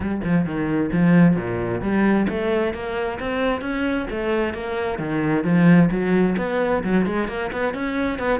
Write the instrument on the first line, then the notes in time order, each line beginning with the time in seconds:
cello
0.00 G3
0.24 F3
0.45 D#3
0.92 F3
1.36 A#2
1.81 G3
2.28 A3
2.73 A#3
3.19 C4
3.61 C#4
4.10 A3
4.54 A#3
4.98 D#3
5.44 F3
5.90 F#3
6.37 B3
6.83 F#3
7.06 G#3
7.28 A#3
7.52 B3
7.74 C#4
8.19 B3